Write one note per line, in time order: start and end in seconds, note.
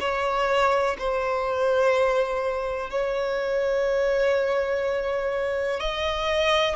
0.00 0.97 C#5
0.99 2.90 C5
2.90 5.80 C#5
5.80 6.76 D#5